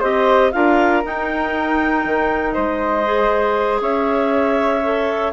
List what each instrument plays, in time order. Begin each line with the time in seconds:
0.00 bassoon C4, clarinet G4 D#5, flute C5
0.52 bassoon D4, clarinet F4 F5, flute A#4
1.04 clarinet D#4 G5, bassoon D#4
2.05 bassoon D#3
2.52 bassoon G#3, flute C5, clarinet D#5
3.05 clarinet G#4
3.81 bassoon C#4, flute C#5, clarinet E5
4.83 clarinet A4